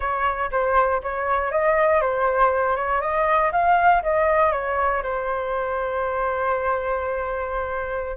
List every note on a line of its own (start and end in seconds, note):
0.00 0.50 C#5
0.51 1.01 C5
1.02 1.51 C#5
1.51 2.01 D#5
2.01 2.75 C5
2.75 3.01 C#5
3.01 3.51 D#5
3.52 4.02 F5
4.02 4.51 D#5
4.51 5.02 C#5
5.02 8.16 C5